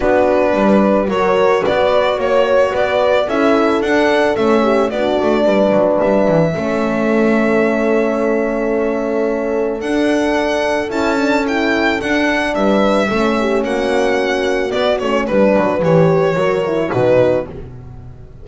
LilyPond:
<<
  \new Staff \with { instrumentName = "violin" } { \time 4/4 \tempo 4 = 110 b'2 cis''4 d''4 | cis''4 d''4 e''4 fis''4 | e''4 d''2 e''4~ | e''1~ |
e''2 fis''2 | a''4 g''4 fis''4 e''4~ | e''4 fis''2 d''8 cis''8 | b'4 cis''2 b'4 | }
  \new Staff \with { instrumentName = "horn" } { \time 4/4 fis'4 b'4 ais'4 b'4 | cis''4 b'4 a'2~ | a'8 g'8 fis'4 b'2 | a'1~ |
a'1~ | a'2. b'4 | a'8 g'8 fis'2. | b'2 ais'4 fis'4 | }
  \new Staff \with { instrumentName = "horn" } { \time 4/4 d'2 fis'2~ | fis'2 e'4 d'4 | cis'4 d'2. | cis'1~ |
cis'2 d'2 | e'8 d'8 e'4 d'2 | cis'2. b8 cis'8 | d'4 g'4 fis'8 e'8 dis'4 | }
  \new Staff \with { instrumentName = "double bass" } { \time 4/4 b4 g4 fis4 b4 | ais4 b4 cis'4 d'4 | a4 b8 a8 g8 fis8 g8 e8 | a1~ |
a2 d'2 | cis'2 d'4 g4 | a4 ais2 b8 a8 | g8 fis8 e4 fis4 b,4 | }
>>